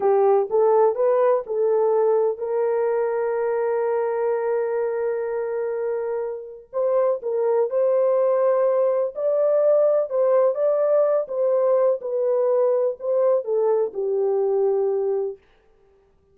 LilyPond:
\new Staff \with { instrumentName = "horn" } { \time 4/4 \tempo 4 = 125 g'4 a'4 b'4 a'4~ | a'4 ais'2.~ | ais'1~ | ais'2 c''4 ais'4 |
c''2. d''4~ | d''4 c''4 d''4. c''8~ | c''4 b'2 c''4 | a'4 g'2. | }